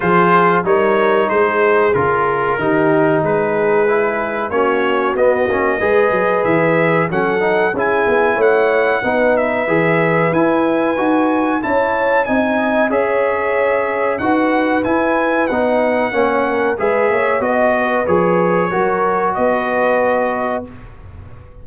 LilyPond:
<<
  \new Staff \with { instrumentName = "trumpet" } { \time 4/4 \tempo 4 = 93 c''4 cis''4 c''4 ais'4~ | ais'4 b'2 cis''4 | dis''2 e''4 fis''4 | gis''4 fis''4. e''4. |
gis''2 a''4 gis''4 | e''2 fis''4 gis''4 | fis''2 e''4 dis''4 | cis''2 dis''2 | }
  \new Staff \with { instrumentName = "horn" } { \time 4/4 gis'4 ais'4 gis'2 | g'4 gis'2 fis'4~ | fis'4 b'2 a'4 | gis'4 cis''4 b'2~ |
b'2 cis''4 dis''4 | cis''2 b'2~ | b'4 cis''8 ais'8 b'8 cis''8 dis''8 b'8~ | b'4 ais'4 b'2 | }
  \new Staff \with { instrumentName = "trombone" } { \time 4/4 f'4 dis'2 f'4 | dis'2 e'4 cis'4 | b8 cis'8 gis'2 cis'8 dis'8 | e'2 dis'4 gis'4 |
e'4 fis'4 e'4 dis'4 | gis'2 fis'4 e'4 | dis'4 cis'4 gis'4 fis'4 | gis'4 fis'2. | }
  \new Staff \with { instrumentName = "tuba" } { \time 4/4 f4 g4 gis4 cis4 | dis4 gis2 ais4 | b8 ais8 gis8 fis8 e4 fis4 | cis'8 b8 a4 b4 e4 |
e'4 dis'4 cis'4 c'4 | cis'2 dis'4 e'4 | b4 ais4 gis8 ais8 b4 | f4 fis4 b2 | }
>>